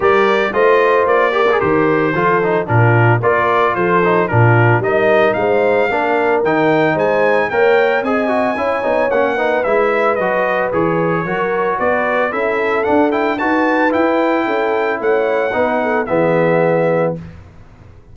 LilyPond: <<
  \new Staff \with { instrumentName = "trumpet" } { \time 4/4 \tempo 4 = 112 d''4 dis''4 d''4 c''4~ | c''4 ais'4 d''4 c''4 | ais'4 dis''4 f''2 | g''4 gis''4 g''4 gis''4~ |
gis''4 fis''4 e''4 dis''4 | cis''2 d''4 e''4 | fis''8 g''8 a''4 g''2 | fis''2 e''2 | }
  \new Staff \with { instrumentName = "horn" } { \time 4/4 ais'4 c''4. ais'4. | a'4 f'4 ais'4 a'4 | f'4 ais'4 c''4 ais'4~ | ais'4 c''4 cis''4 dis''4 |
cis''4. b'2~ b'8~ | b'4 ais'4 b'4 a'4~ | a'4 b'2 a'4 | cis''4 b'8 a'8 gis'2 | }
  \new Staff \with { instrumentName = "trombone" } { \time 4/4 g'4 f'4. g'16 gis'16 g'4 | f'8 dis'8 d'4 f'4. dis'8 | d'4 dis'2 d'4 | dis'2 ais'4 gis'8 fis'8 |
e'8 dis'8 cis'8 dis'8 e'4 fis'4 | gis'4 fis'2 e'4 | d'8 e'8 fis'4 e'2~ | e'4 dis'4 b2 | }
  \new Staff \with { instrumentName = "tuba" } { \time 4/4 g4 a4 ais4 dis4 | f4 ais,4 ais4 f4 | ais,4 g4 gis4 ais4 | dis4 gis4 ais4 c'4 |
cis'8 b8 ais4 gis4 fis4 | e4 fis4 b4 cis'4 | d'4 dis'4 e'4 cis'4 | a4 b4 e2 | }
>>